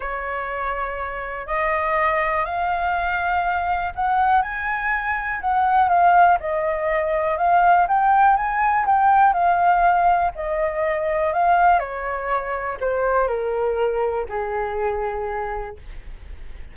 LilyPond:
\new Staff \with { instrumentName = "flute" } { \time 4/4 \tempo 4 = 122 cis''2. dis''4~ | dis''4 f''2. | fis''4 gis''2 fis''4 | f''4 dis''2 f''4 |
g''4 gis''4 g''4 f''4~ | f''4 dis''2 f''4 | cis''2 c''4 ais'4~ | ais'4 gis'2. | }